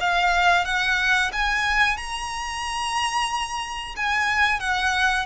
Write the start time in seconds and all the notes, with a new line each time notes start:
0.00 F5
0.65 F#5
1.32 G#5
1.97 A#5
3.96 G#5
4.59 F#5